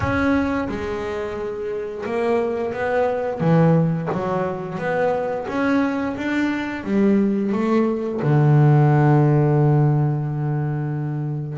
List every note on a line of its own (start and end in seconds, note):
0.00 0.68 C#4
0.68 2.05 G#3
2.05 2.73 A#3
2.73 3.40 B3
3.40 4.08 E3
4.12 4.78 F#3
4.78 5.46 B3
5.48 6.16 C#4
6.16 6.84 D4
6.84 7.52 G3
7.52 8.20 A3
8.22 11.58 D3